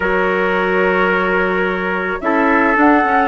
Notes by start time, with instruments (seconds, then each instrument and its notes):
0.00 bassoon F#3, clarinet F#4, trumpet A#4, flute C#5
2.20 bassoon C#4, clarinet E4, trumpet A4, flute E5
2.75 clarinet D4, bassoon D4, flute F#5
3.04 bassoon C#4, clarinet C#4